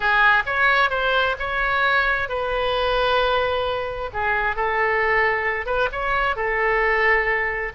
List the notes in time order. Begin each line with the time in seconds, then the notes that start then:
0.00 G#4
0.45 C#5
0.90 C5
1.39 C#5
2.28 B4
4.13 G#4
4.56 A4
5.66 B4
5.92 C#5
6.36 A4